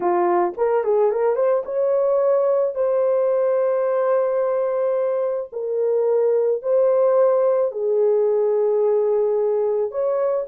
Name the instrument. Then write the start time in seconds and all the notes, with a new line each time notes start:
horn
0.00 F4
0.57 A#4
0.84 G#4
1.11 A#4
1.35 C5
1.65 C#5
2.74 C5
5.52 A#4
6.62 C5
7.71 G#4
9.91 C#5